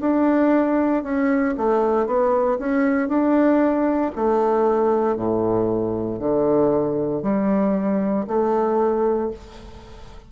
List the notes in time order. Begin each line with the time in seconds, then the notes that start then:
0.00 D4
1.03 C#4
1.57 A3
2.06 B3
2.59 C#4
3.08 D4
4.16 A3
5.16 A2
6.19 D3
7.22 G3
8.27 A3